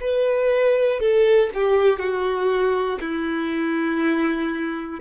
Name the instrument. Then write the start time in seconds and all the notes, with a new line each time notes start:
violin
0.00 B4
1.00 A4
1.54 G4
1.99 F#4
3.00 E4